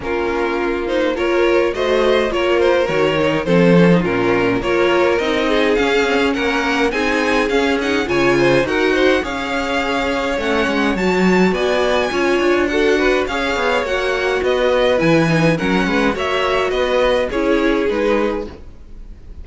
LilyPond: <<
  \new Staff \with { instrumentName = "violin" } { \time 4/4 \tempo 4 = 104 ais'4. c''8 cis''4 dis''4 | cis''8 c''8 cis''4 c''4 ais'4 | cis''4 dis''4 f''4 fis''4 | gis''4 f''8 fis''8 gis''4 fis''4 |
f''2 fis''4 a''4 | gis''2 fis''4 f''4 | fis''4 dis''4 gis''4 fis''4 | e''4 dis''4 cis''4 b'4 | }
  \new Staff \with { instrumentName = "violin" } { \time 4/4 f'2 ais'4 c''4 | ais'2 a'4 f'4 | ais'4. gis'4. ais'4 | gis'2 cis''8 c''8 ais'8 c''8 |
cis''1 | d''4 cis''4 a'8 b'8 cis''4~ | cis''4 b'2 ais'8 b'8 | cis''4 b'4 gis'2 | }
  \new Staff \with { instrumentName = "viola" } { \time 4/4 cis'4. dis'8 f'4 fis'4 | f'4 fis'8 dis'8 c'8 cis'16 dis'16 cis'4 | f'4 dis'4 cis'8 c'16 cis'4~ cis'16 | dis'4 cis'8 dis'8 f'4 fis'4 |
gis'2 cis'4 fis'4~ | fis'4 f'4 fis'4 gis'4 | fis'2 e'8 dis'8 cis'4 | fis'2 e'4 dis'4 | }
  \new Staff \with { instrumentName = "cello" } { \time 4/4 ais2. a4 | ais4 dis4 f4 ais,4 | ais4 c'4 cis'4 ais4 | c'4 cis'4 cis4 dis'4 |
cis'2 a8 gis8 fis4 | b4 cis'8 d'4. cis'8 b8 | ais4 b4 e4 fis8 gis8 | ais4 b4 cis'4 gis4 | }
>>